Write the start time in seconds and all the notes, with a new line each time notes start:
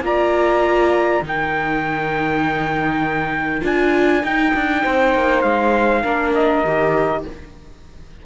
0.00 A#3 F4 D5 A#5
1.22 D#3 D#4 A#4 G5
3.61 D4 F4 G#5
4.23 D#4 G5
4.54 D4
4.82 C4 C5
5.14 A#3
5.41 G#3 F5
6.02 A#3 D4 A#4
6.34 D#5
6.64 D#3 G4